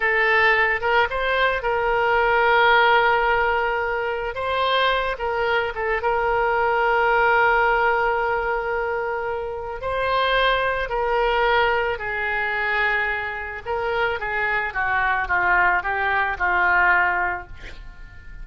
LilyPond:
\new Staff \with { instrumentName = "oboe" } { \time 4/4 \tempo 4 = 110 a'4. ais'8 c''4 ais'4~ | ais'1 | c''4. ais'4 a'8 ais'4~ | ais'1~ |
ais'2 c''2 | ais'2 gis'2~ | gis'4 ais'4 gis'4 fis'4 | f'4 g'4 f'2 | }